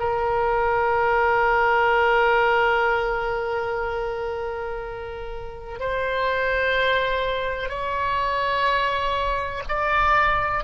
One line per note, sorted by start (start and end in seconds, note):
0.00 5.80 A#4
5.80 7.70 C5
7.70 9.63 C#5
9.69 10.64 D5